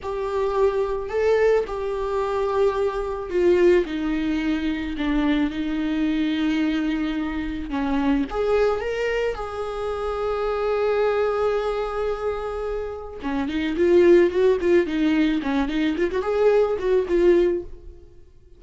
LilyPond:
\new Staff \with { instrumentName = "viola" } { \time 4/4 \tempo 4 = 109 g'2 a'4 g'4~ | g'2 f'4 dis'4~ | dis'4 d'4 dis'2~ | dis'2 cis'4 gis'4 |
ais'4 gis'2.~ | gis'1 | cis'8 dis'8 f'4 fis'8 f'8 dis'4 | cis'8 dis'8 f'16 fis'16 gis'4 fis'8 f'4 | }